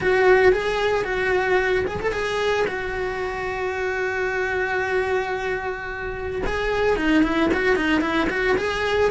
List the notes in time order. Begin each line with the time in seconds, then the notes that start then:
0.00 F#4
0.52 G#4
1.04 F#4
1.87 G#4
2.00 A4
2.12 G#4
2.67 F#4
6.46 G#4
6.96 D#4
7.23 E4
7.53 F#4
7.76 D#4
8.01 E4
8.29 F#4
8.57 G#4